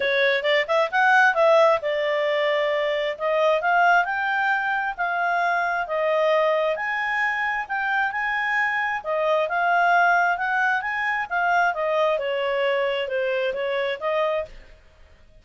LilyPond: \new Staff \with { instrumentName = "clarinet" } { \time 4/4 \tempo 4 = 133 cis''4 d''8 e''8 fis''4 e''4 | d''2. dis''4 | f''4 g''2 f''4~ | f''4 dis''2 gis''4~ |
gis''4 g''4 gis''2 | dis''4 f''2 fis''4 | gis''4 f''4 dis''4 cis''4~ | cis''4 c''4 cis''4 dis''4 | }